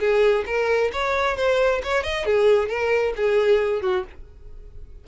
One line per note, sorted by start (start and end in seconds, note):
0.00 0.45 G#4
0.47 0.91 A#4
0.93 1.37 C#5
1.37 1.82 C5
1.84 2.04 C#5
2.04 2.26 D#5
2.26 2.69 G#4
2.69 3.14 A#4
3.16 3.82 G#4
3.82 4.04 F#4